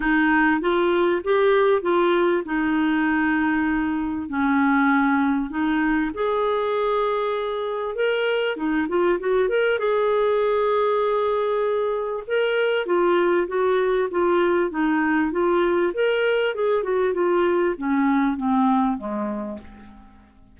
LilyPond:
\new Staff \with { instrumentName = "clarinet" } { \time 4/4 \tempo 4 = 98 dis'4 f'4 g'4 f'4 | dis'2. cis'4~ | cis'4 dis'4 gis'2~ | gis'4 ais'4 dis'8 f'8 fis'8 ais'8 |
gis'1 | ais'4 f'4 fis'4 f'4 | dis'4 f'4 ais'4 gis'8 fis'8 | f'4 cis'4 c'4 gis4 | }